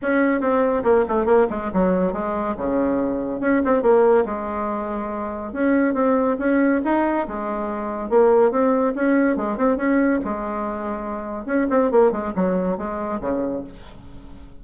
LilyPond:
\new Staff \with { instrumentName = "bassoon" } { \time 4/4 \tempo 4 = 141 cis'4 c'4 ais8 a8 ais8 gis8 | fis4 gis4 cis2 | cis'8 c'8 ais4 gis2~ | gis4 cis'4 c'4 cis'4 |
dis'4 gis2 ais4 | c'4 cis'4 gis8 c'8 cis'4 | gis2. cis'8 c'8 | ais8 gis8 fis4 gis4 cis4 | }